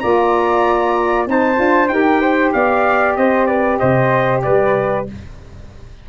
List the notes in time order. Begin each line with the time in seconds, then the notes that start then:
0.00 A#3 F4 D5 A#5
1.27 C4 D#4 C5 A5
1.56 D4 F4
1.89 D#4 G4 A#4 G5
2.21 C5
2.53 B3 D5 F5
3.16 C4 C5 D#5
3.47 B4 D5
3.79 C3 C5 D#5
4.43 G3 B4 D5